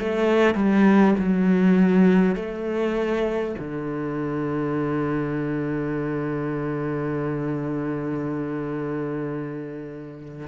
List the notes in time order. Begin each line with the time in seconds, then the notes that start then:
0.00 A3
0.55 G3
1.19 F#3
2.36 A3
3.59 D3